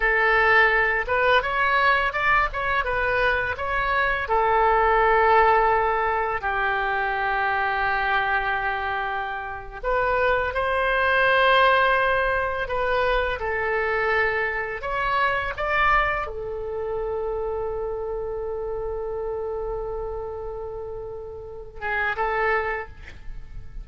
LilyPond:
\new Staff \with { instrumentName = "oboe" } { \time 4/4 \tempo 4 = 84 a'4. b'8 cis''4 d''8 cis''8 | b'4 cis''4 a'2~ | a'4 g'2.~ | g'4.~ g'16 b'4 c''4~ c''16~ |
c''4.~ c''16 b'4 a'4~ a'16~ | a'8. cis''4 d''4 a'4~ a'16~ | a'1~ | a'2~ a'8 gis'8 a'4 | }